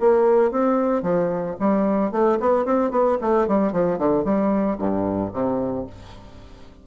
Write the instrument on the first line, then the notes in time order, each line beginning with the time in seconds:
bassoon
0.00 A#3
0.51 C4
1.02 F3
1.59 G3
2.12 A3
2.40 B3
2.65 C4
2.91 B3
3.21 A3
3.47 G3
3.72 F3
3.98 D3
4.24 G3
4.78 G2
5.33 C3